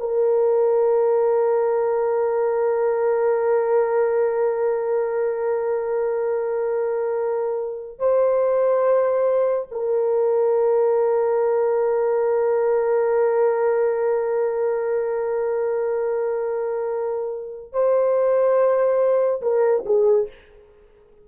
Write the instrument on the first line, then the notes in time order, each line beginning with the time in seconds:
horn
0.00 A#4
7.99 C5
9.72 A#4
17.73 C5
19.42 A#4
19.86 G#4